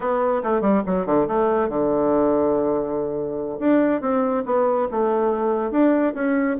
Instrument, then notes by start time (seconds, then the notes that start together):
bassoon
0.00 B3
0.43 A3
0.61 G3
0.86 F#3
1.06 D3
1.27 A3
1.68 D3
3.59 D4
4.01 C4
4.45 B3
4.91 A3
5.71 D4
6.14 C#4